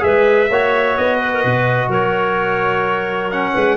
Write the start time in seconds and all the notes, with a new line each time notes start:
0.00 G#3 G#4 B4 E5
0.50 A#3 F#4 C#5
0.98 B3 D#5
1.20 B4
1.34 A#4
1.42 B2 B4
1.89 F#3 A#4 C#5
3.32 C#4 F#5
3.54 G#3 B4